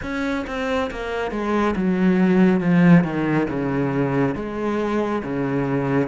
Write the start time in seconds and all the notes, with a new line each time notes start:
0.02 C#4
0.46 C4
0.91 A#3
1.31 G#3
1.75 F#3
2.60 F3
3.04 D#3
3.49 C#3
4.35 G#3
5.23 C#3